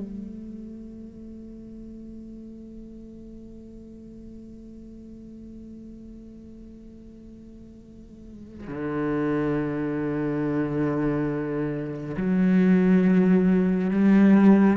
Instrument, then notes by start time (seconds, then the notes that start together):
cello
0.00 A3
8.68 D3
12.17 F#3
13.91 G3